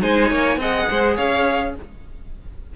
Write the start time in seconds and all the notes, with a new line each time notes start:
0.00 G#3 D#4 C5 G#5
0.29 A#3 C#5
0.56 C4 G#4 D#5 F#5
0.90 G#3 C5
1.16 C#4 C#5 F5